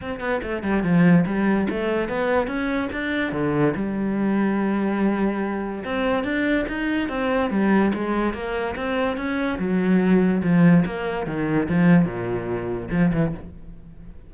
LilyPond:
\new Staff \with { instrumentName = "cello" } { \time 4/4 \tempo 4 = 144 c'8 b8 a8 g8 f4 g4 | a4 b4 cis'4 d'4 | d4 g2.~ | g2 c'4 d'4 |
dis'4 c'4 g4 gis4 | ais4 c'4 cis'4 fis4~ | fis4 f4 ais4 dis4 | f4 ais,2 f8 e8 | }